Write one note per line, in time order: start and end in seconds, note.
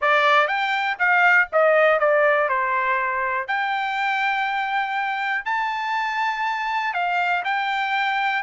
0.01 0.47 D5
0.47 0.97 G5
0.98 1.48 F5
1.52 1.99 D#5
1.99 2.48 D5
2.48 3.47 C5
3.47 5.45 G5
5.45 6.93 A5
6.93 7.43 F5
7.44 8.42 G5